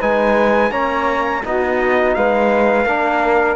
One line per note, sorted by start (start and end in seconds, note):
0.00 0.71 G#3
0.00 0.71 D#4
0.00 0.71 B4
0.00 0.72 G#5
0.71 1.43 A#3
0.71 1.43 C#4
0.71 1.43 C#5
0.71 1.44 A#5
1.43 2.16 B3
1.43 2.86 D#4
1.43 2.17 F#4
1.43 2.15 D#5
2.15 2.86 G#3
2.15 2.88 B4
2.15 3.56 F5
2.86 3.56 A#3
2.86 3.56 D4
2.86 3.56 A#4